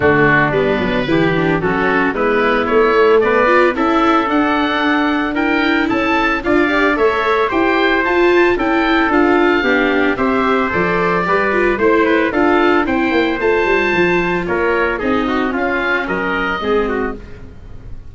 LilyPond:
<<
  \new Staff \with { instrumentName = "oboe" } { \time 4/4 \tempo 4 = 112 fis'4 b'2 a'4 | b'4 cis''4 d''4 e''4 | fis''2 g''4 a''4 | f''4 e''4 g''4 a''4 |
g''4 f''2 e''4 | d''2 c''4 f''4 | g''4 a''2 cis''4 | dis''4 f''4 dis''2 | }
  \new Staff \with { instrumentName = "trumpet" } { \time 4/4 d'2 g'4 fis'4 | e'2 b'4 a'4~ | a'2 ais'4 a'4 | d''4 cis''4 c''2 |
a'2 g'4 c''4~ | c''4 b'4 c''8 b'8 a'4 | c''2. ais'4 | gis'8 fis'8 f'4 ais'4 gis'8 fis'8 | }
  \new Staff \with { instrumentName = "viola" } { \time 4/4 a4 b4 e'8 d'8 cis'4 | b4. a4 f'8 e'4 | d'2 e'2 | f'8 g'8 a'4 g'4 f'4 |
e'4 f'4 d'4 g'4 | a'4 g'8 f'8 e'4 f'4 | e'4 f'2. | dis'4 cis'2 c'4 | }
  \new Staff \with { instrumentName = "tuba" } { \time 4/4 d4 g8 fis8 e4 fis4 | gis4 a4 b4 cis'4 | d'2. cis'4 | d'4 a4 e'4 f'4 |
cis'4 d'4 b4 c'4 | f4 g4 a4 d'4 | c'8 ais8 a8 g8 f4 ais4 | c'4 cis'4 fis4 gis4 | }
>>